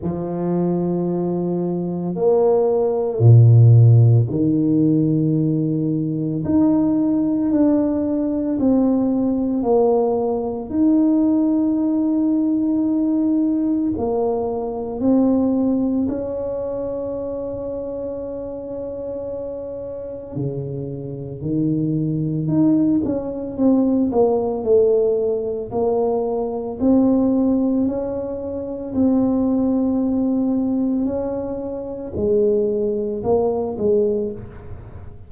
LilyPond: \new Staff \with { instrumentName = "tuba" } { \time 4/4 \tempo 4 = 56 f2 ais4 ais,4 | dis2 dis'4 d'4 | c'4 ais4 dis'2~ | dis'4 ais4 c'4 cis'4~ |
cis'2. cis4 | dis4 dis'8 cis'8 c'8 ais8 a4 | ais4 c'4 cis'4 c'4~ | c'4 cis'4 gis4 ais8 gis8 | }